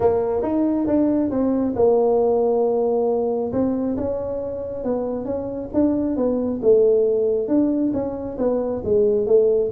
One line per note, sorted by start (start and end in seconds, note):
0.00 0.42 A#3
0.42 0.86 D#4
0.86 1.30 D4
1.30 1.74 C4
1.75 3.52 A#3
3.52 3.96 C4
3.96 4.84 C#4
4.84 5.25 B3
5.25 5.69 C#4
5.73 6.16 D4
6.16 6.60 B3
6.62 7.48 A3
7.48 7.92 D4
7.93 8.37 C#4
8.38 8.82 B3
8.84 9.26 G#3
9.26 9.70 A3